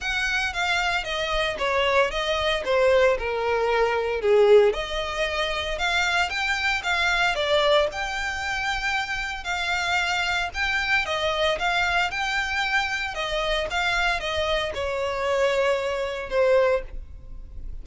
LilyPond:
\new Staff \with { instrumentName = "violin" } { \time 4/4 \tempo 4 = 114 fis''4 f''4 dis''4 cis''4 | dis''4 c''4 ais'2 | gis'4 dis''2 f''4 | g''4 f''4 d''4 g''4~ |
g''2 f''2 | g''4 dis''4 f''4 g''4~ | g''4 dis''4 f''4 dis''4 | cis''2. c''4 | }